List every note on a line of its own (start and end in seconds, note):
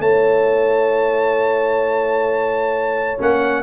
0.00 3.18 A3
0.00 3.18 E4
0.00 3.63 C#5
0.00 3.20 A5
3.18 3.63 A#3
3.18 3.63 C#4
3.18 3.63 F#5